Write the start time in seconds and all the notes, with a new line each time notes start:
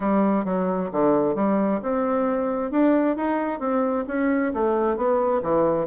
0.00 G3
0.44 F#3
0.91 D3
1.35 G3
1.82 C4
2.71 D4
3.16 D#4
3.59 C4
4.07 C#4
4.53 A3
4.96 B3
5.42 E3